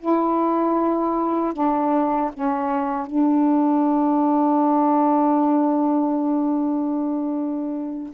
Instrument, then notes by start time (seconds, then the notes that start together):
saxophone
0.00 E4
1.53 D4
2.34 C#4
3.07 D4